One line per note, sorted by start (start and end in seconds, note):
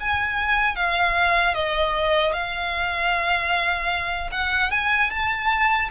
0.00 0.76 G#5
0.76 1.55 F5
1.55 2.33 D#5
2.33 4.30 F5
4.32 4.71 F#5
4.71 5.10 G#5
5.11 5.90 A5